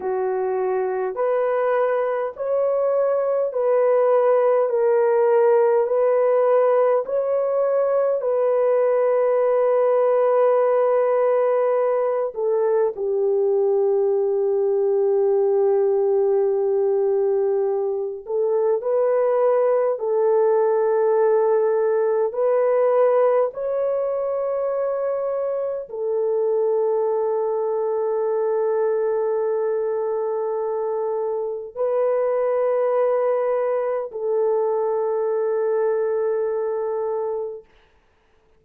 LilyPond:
\new Staff \with { instrumentName = "horn" } { \time 4/4 \tempo 4 = 51 fis'4 b'4 cis''4 b'4 | ais'4 b'4 cis''4 b'4~ | b'2~ b'8 a'8 g'4~ | g'2.~ g'8 a'8 |
b'4 a'2 b'4 | cis''2 a'2~ | a'2. b'4~ | b'4 a'2. | }